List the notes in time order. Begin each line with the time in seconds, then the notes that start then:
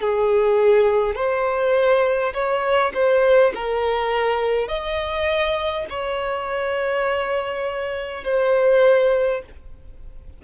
0.00 G#4
1.16 C5
2.34 C#5
2.94 C5
3.55 A#4
4.68 D#5
5.90 C#5
8.24 C5